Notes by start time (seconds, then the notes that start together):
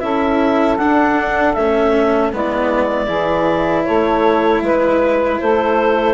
0.00 C#4 E4 A4 E5
0.78 D4 F#5
1.54 A3 C#4 E5
2.32 G#3 B3 E4 D5
3.06 E3 E4 G#4
3.85 A3 A4 C#5
4.62 G#3 B4
5.40 A3 A4 C5